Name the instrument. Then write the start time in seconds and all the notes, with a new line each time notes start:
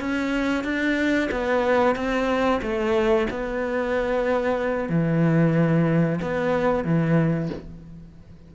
cello
0.00 C#4
0.64 D4
1.31 B3
1.96 C4
2.62 A3
3.31 B3
4.89 E3
6.22 B3
6.85 E3